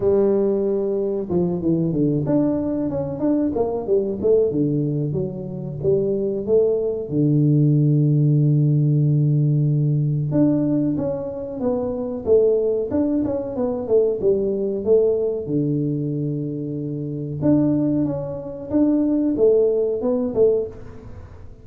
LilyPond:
\new Staff \with { instrumentName = "tuba" } { \time 4/4 \tempo 4 = 93 g2 f8 e8 d8 d'8~ | d'8 cis'8 d'8 ais8 g8 a8 d4 | fis4 g4 a4 d4~ | d1 |
d'4 cis'4 b4 a4 | d'8 cis'8 b8 a8 g4 a4 | d2. d'4 | cis'4 d'4 a4 b8 a8 | }